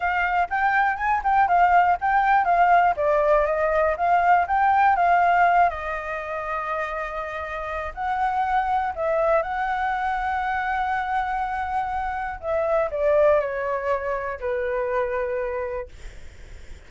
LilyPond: \new Staff \with { instrumentName = "flute" } { \time 4/4 \tempo 4 = 121 f''4 g''4 gis''8 g''8 f''4 | g''4 f''4 d''4 dis''4 | f''4 g''4 f''4. dis''8~ | dis''1 |
fis''2 e''4 fis''4~ | fis''1~ | fis''4 e''4 d''4 cis''4~ | cis''4 b'2. | }